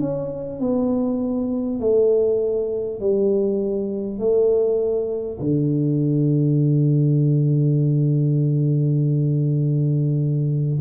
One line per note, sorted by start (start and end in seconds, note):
0.00 0.60 C#4
0.61 1.80 B3
1.80 3.00 A3
3.00 4.19 G3
4.19 5.39 A3
5.40 10.80 D3